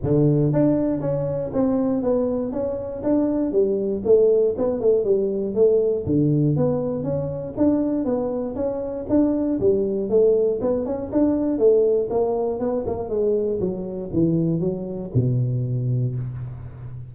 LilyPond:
\new Staff \with { instrumentName = "tuba" } { \time 4/4 \tempo 4 = 119 d4 d'4 cis'4 c'4 | b4 cis'4 d'4 g4 | a4 b8 a8 g4 a4 | d4 b4 cis'4 d'4 |
b4 cis'4 d'4 g4 | a4 b8 cis'8 d'4 a4 | ais4 b8 ais8 gis4 fis4 | e4 fis4 b,2 | }